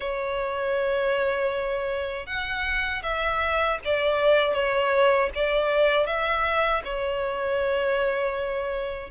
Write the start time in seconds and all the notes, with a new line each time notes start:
0.00 C#5
2.26 F#5
3.02 E5
3.85 D5
4.53 C#5
5.34 D5
6.06 E5
6.84 C#5